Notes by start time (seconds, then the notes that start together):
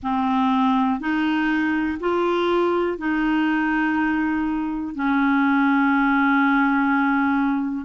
0.02 C4
1.00 D#4
1.99 F4
2.98 D#4
4.94 C#4